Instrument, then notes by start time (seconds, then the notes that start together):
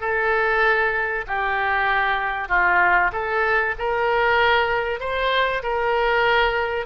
oboe
0.00 A4
1.27 G4
2.48 F4
3.12 A4
3.78 A#4
4.99 C5
5.62 A#4